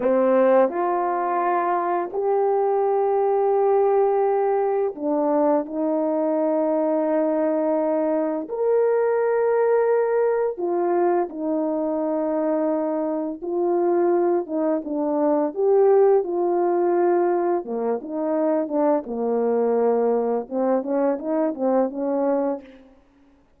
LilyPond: \new Staff \with { instrumentName = "horn" } { \time 4/4 \tempo 4 = 85 c'4 f'2 g'4~ | g'2. d'4 | dis'1 | ais'2. f'4 |
dis'2. f'4~ | f'8 dis'8 d'4 g'4 f'4~ | f'4 ais8 dis'4 d'8 ais4~ | ais4 c'8 cis'8 dis'8 c'8 cis'4 | }